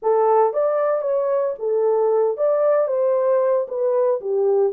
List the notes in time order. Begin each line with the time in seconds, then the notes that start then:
0.02 A4
0.53 D5
1.01 C#5
1.58 A4
2.37 D5
2.87 C5
3.67 B4
4.20 G4